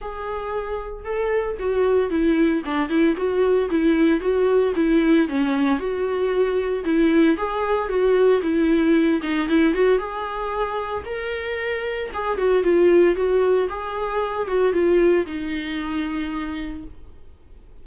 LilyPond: \new Staff \with { instrumentName = "viola" } { \time 4/4 \tempo 4 = 114 gis'2 a'4 fis'4 | e'4 d'8 e'8 fis'4 e'4 | fis'4 e'4 cis'4 fis'4~ | fis'4 e'4 gis'4 fis'4 |
e'4. dis'8 e'8 fis'8 gis'4~ | gis'4 ais'2 gis'8 fis'8 | f'4 fis'4 gis'4. fis'8 | f'4 dis'2. | }